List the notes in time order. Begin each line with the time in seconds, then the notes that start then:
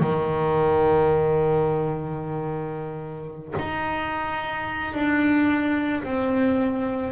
0.00 D#3
3.59 D#4
4.94 D4
6.03 C4